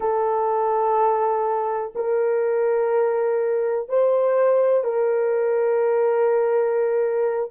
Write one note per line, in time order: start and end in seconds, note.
0.00 1.93 A4
1.95 3.88 A#4
3.88 4.83 C5
4.83 7.50 A#4